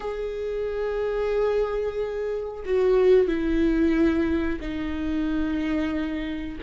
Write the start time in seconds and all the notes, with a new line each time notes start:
0.00 G#4
2.65 F#4
3.27 E4
4.60 D#4